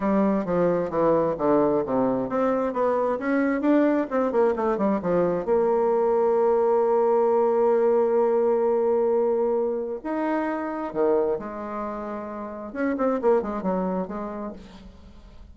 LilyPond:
\new Staff \with { instrumentName = "bassoon" } { \time 4/4 \tempo 4 = 132 g4 f4 e4 d4 | c4 c'4 b4 cis'4 | d'4 c'8 ais8 a8 g8 f4 | ais1~ |
ais1~ | ais2 dis'2 | dis4 gis2. | cis'8 c'8 ais8 gis8 fis4 gis4 | }